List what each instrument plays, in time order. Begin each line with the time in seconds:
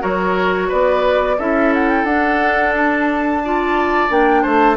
0.00 bassoon F#3, clarinet F#4, oboe A#4, flute C#5
0.68 bassoon B3, oboe B4, flute D5
1.38 bassoon C#4, clarinet E4, oboe A4, flute E5
1.74 flute F#5
1.89 flute G5
2.04 bassoon D4, clarinet D4, flute F#5
2.77 flute A5
3.44 clarinet F4, oboe D5
4.10 bassoon A#3, clarinet D4, flute G5
4.42 bassoon A3, oboe C5, flute A5